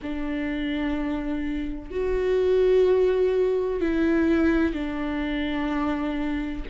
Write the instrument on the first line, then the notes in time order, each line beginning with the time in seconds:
viola
0.02 D4
1.90 F#4
3.81 E4
4.73 D4